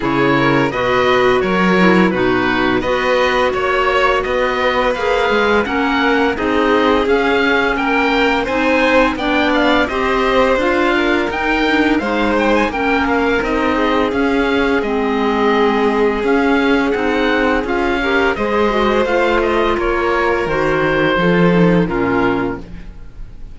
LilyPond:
<<
  \new Staff \with { instrumentName = "oboe" } { \time 4/4 \tempo 4 = 85 cis''4 dis''4 cis''4 b'4 | dis''4 cis''4 dis''4 f''4 | fis''4 dis''4 f''4 g''4 | gis''4 g''8 f''8 dis''4 f''4 |
g''4 f''8 g''16 gis''16 g''8 f''8 dis''4 | f''4 dis''2 f''4 | fis''4 f''4 dis''4 f''8 dis''8 | cis''4 c''2 ais'4 | }
  \new Staff \with { instrumentName = "violin" } { \time 4/4 gis'8 ais'8 b'4 ais'4 fis'4 | b'4 cis''4 b'2 | ais'4 gis'2 ais'4 | c''4 d''4 c''4. ais'8~ |
ais'4 c''4 ais'4. gis'8~ | gis'1~ | gis'4. ais'8 c''2 | ais'2 a'4 f'4 | }
  \new Staff \with { instrumentName = "clarinet" } { \time 4/4 e'4 fis'4. e'8 dis'4 | fis'2. gis'4 | cis'4 dis'4 cis'2 | dis'4 d'4 g'4 f'4 |
dis'8 d'8 dis'4 cis'4 dis'4 | cis'4 c'2 cis'4 | dis'4 f'8 g'8 gis'8 fis'8 f'4~ | f'4 fis'4 f'8 dis'8 cis'4 | }
  \new Staff \with { instrumentName = "cello" } { \time 4/4 cis4 b,4 fis4 b,4 | b4 ais4 b4 ais8 gis8 | ais4 c'4 cis'4 ais4 | c'4 b4 c'4 d'4 |
dis'4 gis4 ais4 c'4 | cis'4 gis2 cis'4 | c'4 cis'4 gis4 a4 | ais4 dis4 f4 ais,4 | }
>>